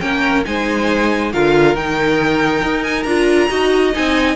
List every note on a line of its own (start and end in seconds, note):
0.00 0.45 A#3
0.00 0.43 C#4
0.00 0.46 A#4
0.00 0.43 G5
0.45 1.33 G#3
0.45 1.32 D#4
0.45 1.32 C5
0.45 1.32 G#5
1.32 1.75 D3
1.32 1.75 F4
1.32 3.49 A#4
1.32 1.76 F5
1.75 2.62 D#3
1.75 3.06 D#4
1.75 2.83 G5
2.63 3.05 D#4
2.83 3.03 G#5
3.03 3.48 D4
3.03 3.49 F4
3.03 3.90 A#5
3.49 3.94 D#4
3.49 3.92 F#4
3.49 4.36 D#5
3.92 4.36 C4
3.92 4.36 D#4
3.92 4.36 G#5